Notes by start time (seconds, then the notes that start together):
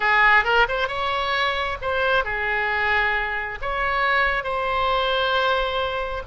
0.00 G#4
0.44 A#4
0.68 C5
0.88 C#5
1.81 C5
2.24 G#4
3.61 C#5
4.43 C5